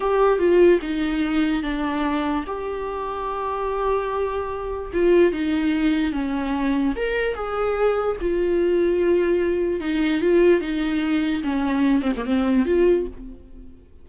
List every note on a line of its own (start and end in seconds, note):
0.00 0.38 G4
0.38 0.79 F4
0.81 1.63 D#4
1.63 2.44 D4
2.46 4.91 G4
4.93 5.32 F4
5.32 6.12 D#4
6.12 6.94 C#4
6.96 7.35 A#4
7.35 8.16 G#4
8.20 9.80 F4
9.80 10.21 D#4
10.21 10.60 F4
10.60 11.42 D#4
11.43 12.02 C#4
12.02 12.12 C4
12.16 12.25 A#3
12.25 12.65 C4
12.65 13.06 F4